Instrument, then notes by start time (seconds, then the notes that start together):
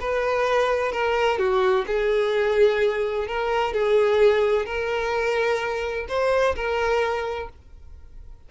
violin
0.00 B4
0.92 A#4
1.38 F#4
1.87 G#4
3.28 A#4
3.74 G#4
4.66 A#4
6.09 C5
6.56 A#4